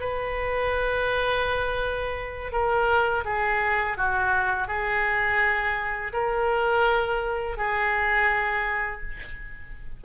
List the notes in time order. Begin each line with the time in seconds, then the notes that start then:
0.00 B4
2.52 A#4
3.25 G#4
3.97 F#4
4.68 G#4
6.12 A#4
7.57 G#4